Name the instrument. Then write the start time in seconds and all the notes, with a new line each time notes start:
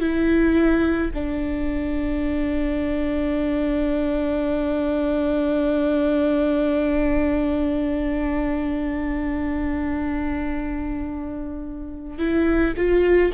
viola
0.00 E4
1.14 D4
12.19 E4
12.77 F4